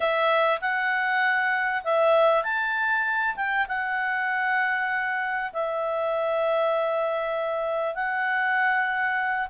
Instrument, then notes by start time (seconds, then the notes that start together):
clarinet
0.00 E5
0.60 F#5
1.83 E5
2.43 A5
3.35 G5
3.68 F#5
5.52 E5
7.94 F#5